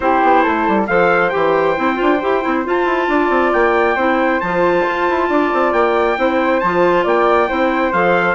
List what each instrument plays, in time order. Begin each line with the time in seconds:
0.00 bassoon C4, clarinet E4, flute G4, trumpet C5
0.22 bassoon B3
0.42 bassoon A3, flute A4
0.68 bassoon G3
0.86 bassoon F3, clarinet A4, flute C5, trumpet F5
1.29 bassoon E3, clarinet G4, trumpet G5
1.76 bassoon C4, clarinet E4
1.95 clarinet F4
2.01 bassoon D4
2.21 bassoon E4, clarinet G4
2.42 bassoon C4, clarinet E4
2.64 clarinet F4, bassoon F4, trumpet A5
2.85 bassoon E4
3.08 bassoon D4, flute D5
3.29 bassoon C4
3.52 bassoon A#3, trumpet G5
3.95 bassoon C4, clarinet E4, flute C5
4.40 bassoon F3, clarinet F4, trumpet A5
4.86 bassoon F4
5.09 bassoon E4
5.29 bassoon D4, flute D5
5.53 bassoon C4
5.72 bassoon A#3, trumpet G5
6.17 bassoon C4, clarinet E4, flute C5
6.60 bassoon F3, clarinet F4, trumpet A5
7.03 bassoon A#3, flute D5, trumpet G5
7.47 bassoon C4, clarinet E4, flute C5
7.92 bassoon F3, clarinet A4, trumpet F5